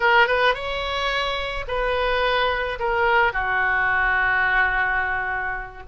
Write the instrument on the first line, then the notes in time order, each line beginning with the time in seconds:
oboe
0.00 A#4
0.27 B4
0.54 C#5
1.67 B4
2.79 A#4
3.33 F#4